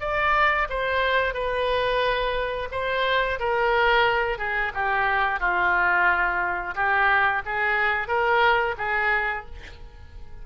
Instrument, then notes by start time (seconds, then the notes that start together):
oboe
0.00 D5
0.69 C5
1.34 B4
2.71 C5
3.39 A#4
4.38 G#4
4.74 G4
5.40 F4
6.75 G4
7.45 G#4
8.07 A#4
8.78 G#4